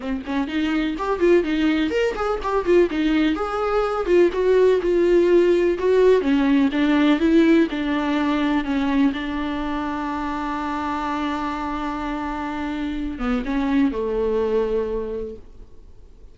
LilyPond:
\new Staff \with { instrumentName = "viola" } { \time 4/4 \tempo 4 = 125 c'8 cis'8 dis'4 g'8 f'8 dis'4 | ais'8 gis'8 g'8 f'8 dis'4 gis'4~ | gis'8 f'8 fis'4 f'2 | fis'4 cis'4 d'4 e'4 |
d'2 cis'4 d'4~ | d'1~ | d'2.~ d'8 b8 | cis'4 a2. | }